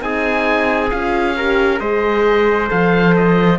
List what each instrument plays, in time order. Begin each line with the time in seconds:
0.00 cello C4, horn D#4, trumpet G#4, oboe G#5
0.91 cello C#4, horn F4, oboe F5
1.37 horn G4, trumpet A#4
1.79 cello G#3, horn G#4, trumpet C5, oboe D#5
2.68 cello F3, horn A4, oboe F5
3.16 oboe D#5